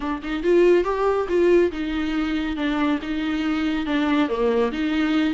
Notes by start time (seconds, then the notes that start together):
0.00 D4
0.23 D#4
0.43 F4
0.84 G4
1.28 F4
1.71 D#4
2.56 D4
3.02 D#4
3.86 D4
4.28 A#3
4.72 D#4